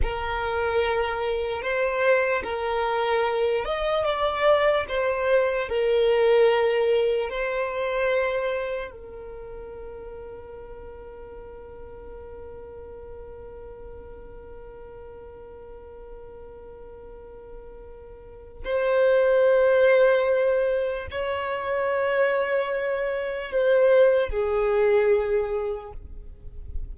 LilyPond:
\new Staff \with { instrumentName = "violin" } { \time 4/4 \tempo 4 = 74 ais'2 c''4 ais'4~ | ais'8 dis''8 d''4 c''4 ais'4~ | ais'4 c''2 ais'4~ | ais'1~ |
ais'1~ | ais'2. c''4~ | c''2 cis''2~ | cis''4 c''4 gis'2 | }